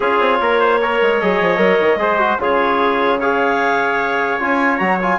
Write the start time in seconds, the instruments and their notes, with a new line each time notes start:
0.00 bassoon C#4, trombone F4, trumpet G#4, clarinet C#5
0.19 bassoon C4
0.40 bassoon A#3, trumpet A#4
0.59 trumpet C5
0.81 trombone A#4, trumpet C#5
1.01 bassoon G#3
1.18 bassoon F#3, trombone G#4, clarinet D#5
1.41 bassoon F3
1.56 bassoon F#3, trombone A#4
1.80 bassoon D#3
1.95 bassoon G#3, trombone G#4, trumpet C5
2.18 trombone F#4
2.39 bassoon C#3, trombone F4, trumpet G#4, clarinet C#5
3.19 trombone G#4, trumpet C#5, clarinet F5
4.39 bassoon C#4, trombone F4, clarinet G#5
4.77 bassoon F#3, trombone F#4, clarinet A#5
5.00 trombone F4, clarinet G#5